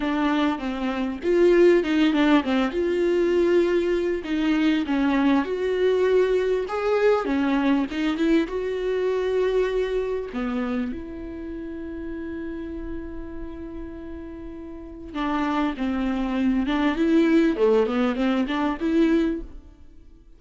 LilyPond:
\new Staff \with { instrumentName = "viola" } { \time 4/4 \tempo 4 = 99 d'4 c'4 f'4 dis'8 d'8 | c'8 f'2~ f'8 dis'4 | cis'4 fis'2 gis'4 | cis'4 dis'8 e'8 fis'2~ |
fis'4 b4 e'2~ | e'1~ | e'4 d'4 c'4. d'8 | e'4 a8 b8 c'8 d'8 e'4 | }